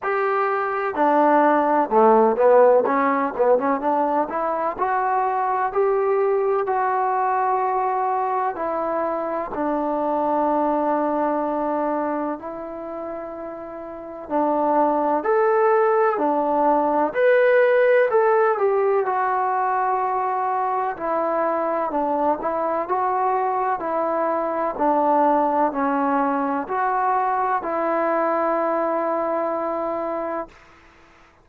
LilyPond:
\new Staff \with { instrumentName = "trombone" } { \time 4/4 \tempo 4 = 63 g'4 d'4 a8 b8 cis'8 b16 cis'16 | d'8 e'8 fis'4 g'4 fis'4~ | fis'4 e'4 d'2~ | d'4 e'2 d'4 |
a'4 d'4 b'4 a'8 g'8 | fis'2 e'4 d'8 e'8 | fis'4 e'4 d'4 cis'4 | fis'4 e'2. | }